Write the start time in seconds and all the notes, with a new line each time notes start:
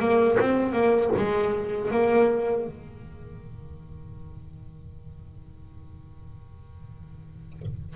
0.00 A#3
0.40 C4
0.72 A#3
1.17 G#3
1.91 A#3
2.67 D#3